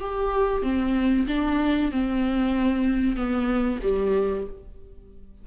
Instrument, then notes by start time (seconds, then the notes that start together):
viola
0.00 G4
0.62 C4
1.27 D4
1.91 C4
3.16 B3
3.83 G3